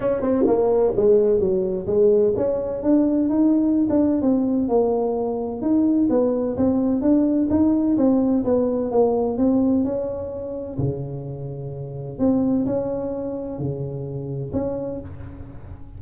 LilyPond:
\new Staff \with { instrumentName = "tuba" } { \time 4/4 \tempo 4 = 128 cis'8 c'8 ais4 gis4 fis4 | gis4 cis'4 d'4 dis'4~ | dis'16 d'8. c'4 ais2 | dis'4 b4 c'4 d'4 |
dis'4 c'4 b4 ais4 | c'4 cis'2 cis4~ | cis2 c'4 cis'4~ | cis'4 cis2 cis'4 | }